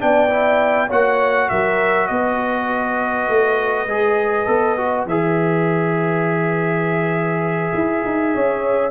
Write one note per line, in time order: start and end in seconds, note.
0.00 0.91 B3
0.00 0.30 D4
0.00 0.88 D5
0.00 0.91 G5
0.30 0.89 E4
0.88 1.51 A#3
0.88 3.88 F#4
0.88 1.48 C#5
0.88 1.50 F#5
1.50 2.10 F#3
1.50 2.10 A#4
1.50 2.07 E5
2.07 3.29 B3
2.07 8.34 B4
2.07 5.04 D#5
3.29 3.87 A3
3.87 4.47 G#3
3.87 4.47 G#4
4.47 5.06 B3
4.47 4.77 A4
4.77 5.07 F#4
5.06 7.73 E3
5.06 8.92 G#4
5.06 8.92 E5
7.75 8.04 E4
8.05 8.35 D#4
8.35 8.92 C#4
8.35 8.92 C#5